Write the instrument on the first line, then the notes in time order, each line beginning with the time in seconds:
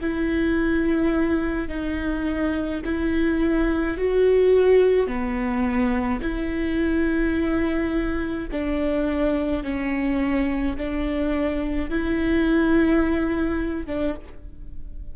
viola
0.00 E4
1.68 D#4
2.85 E4
3.97 F#4
5.07 B3
6.21 E4
8.51 D4
9.63 C#4
10.77 D4
11.89 E4
13.86 D4